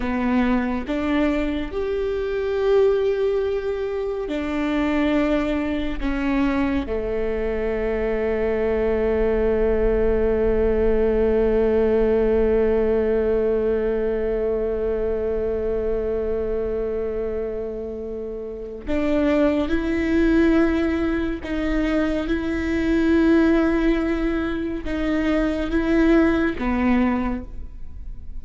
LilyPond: \new Staff \with { instrumentName = "viola" } { \time 4/4 \tempo 4 = 70 b4 d'4 g'2~ | g'4 d'2 cis'4 | a1~ | a1~ |
a1~ | a2 d'4 e'4~ | e'4 dis'4 e'2~ | e'4 dis'4 e'4 b4 | }